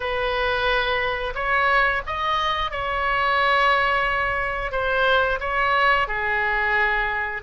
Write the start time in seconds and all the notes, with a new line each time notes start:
0.00 B4
1.34 C#5
2.06 D#5
2.71 C#5
4.71 C5
5.40 C#5
6.07 G#4